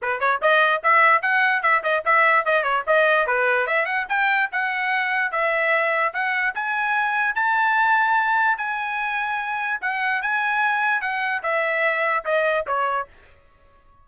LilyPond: \new Staff \with { instrumentName = "trumpet" } { \time 4/4 \tempo 4 = 147 b'8 cis''8 dis''4 e''4 fis''4 | e''8 dis''8 e''4 dis''8 cis''8 dis''4 | b'4 e''8 fis''8 g''4 fis''4~ | fis''4 e''2 fis''4 |
gis''2 a''2~ | a''4 gis''2. | fis''4 gis''2 fis''4 | e''2 dis''4 cis''4 | }